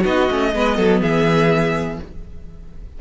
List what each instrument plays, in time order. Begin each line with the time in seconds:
0.00 cello B3, viola D#4, violin F#4 D#5
0.29 cello A3, viola C#4
0.54 cello G#3, viola B3, violin B4
0.76 cello F#3, violin A4
1.01 cello E3, violin G#4 E5